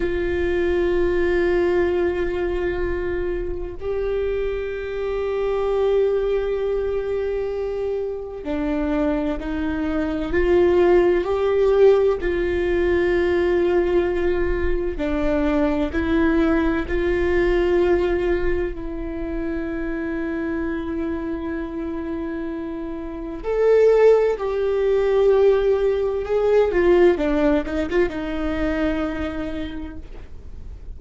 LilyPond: \new Staff \with { instrumentName = "viola" } { \time 4/4 \tempo 4 = 64 f'1 | g'1~ | g'4 d'4 dis'4 f'4 | g'4 f'2. |
d'4 e'4 f'2 | e'1~ | e'4 a'4 g'2 | gis'8 f'8 d'8 dis'16 f'16 dis'2 | }